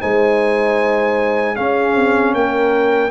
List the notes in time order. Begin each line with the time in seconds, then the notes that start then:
0.00 G#3 D#4 C5 G#5
1.56 C#4 G#4 F5
1.96 C4
2.34 A#3 A#4 G5